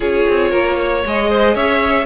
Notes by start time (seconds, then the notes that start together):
0.00 C#4 F4 G#4 C#5
0.28 C4
0.50 A#3 A#4
0.78 C#5
1.05 G#3 G#4 D#5
1.29 C5
1.54 C#4 C#5 E5